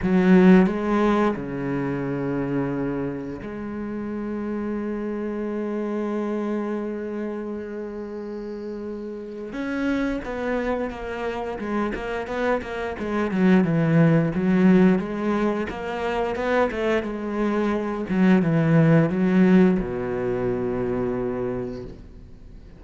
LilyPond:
\new Staff \with { instrumentName = "cello" } { \time 4/4 \tempo 4 = 88 fis4 gis4 cis2~ | cis4 gis2.~ | gis1~ | gis2 cis'4 b4 |
ais4 gis8 ais8 b8 ais8 gis8 fis8 | e4 fis4 gis4 ais4 | b8 a8 gis4. fis8 e4 | fis4 b,2. | }